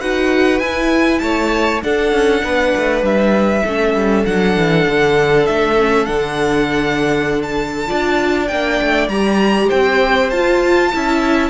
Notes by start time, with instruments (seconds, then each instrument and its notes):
0.00 cello D#4, viola F#4, violin B4 F#5
0.59 cello E4, viola E4, violin G#5
1.19 cello A3, violin C#5 A5
1.81 viola D4, cello D4, violin A4 F#5
2.12 cello C#4
2.43 cello B3, violin B4
2.76 cello A3
3.02 cello G3, violin E5
3.64 cello A3, viola C#4, violin A4
3.94 cello G3
4.25 cello F#3, viola D4, violin F#5
4.56 cello E3
4.87 cello D3
5.46 cello A3, violin E5
5.77 viola C#4
6.05 cello D3, viola D4, violin F#5
7.42 violin A5
7.87 cello D4, viola F4, violin D5
8.47 cello A#3, viola D4, violin G5
8.82 cello A3
9.08 cello G3, viola G4, violin A#5
9.68 cello C4, violin C5 G5
10.30 cello F4, viola F4, violin A5
10.92 cello C#4, viola E4, violin E5